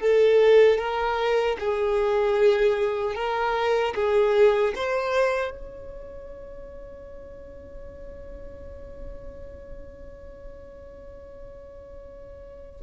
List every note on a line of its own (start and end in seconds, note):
0.00 0.78 A4
0.78 1.57 A#4
1.59 3.15 G#4
3.15 3.94 A#4
3.95 4.74 G#4
4.75 5.50 C5
5.50 12.81 C#5